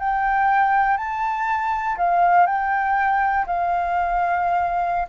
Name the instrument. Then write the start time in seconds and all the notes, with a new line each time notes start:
flute
0.00 G5
0.98 A5
1.98 F5
2.47 G5
3.47 F5